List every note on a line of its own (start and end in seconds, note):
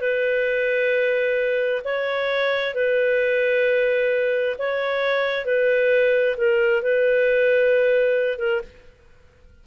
0.00 1.82 B4
1.84 2.74 C#5
2.74 4.56 B4
4.58 5.45 C#5
5.45 6.36 B4
6.37 6.82 A#4
6.82 8.38 B4
8.38 8.61 A#4